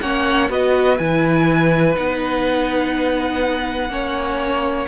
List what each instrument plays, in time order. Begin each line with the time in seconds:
0.00 cello A#3, viola C#4, violin C#5 F#5
0.49 cello B3, viola F#4, violin B4 D#5
0.98 cello E3, viola E4, violin G#5
1.95 cello B3, viola D#4, violin F#5
3.89 cello A#3, viola C#4, violin C#5